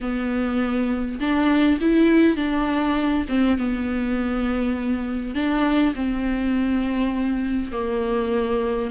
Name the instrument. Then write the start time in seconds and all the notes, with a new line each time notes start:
viola
0.01 B3
1.19 D4
1.81 E4
2.36 D4
3.28 C4
3.58 B3
5.34 D4
5.95 C4
7.72 A#3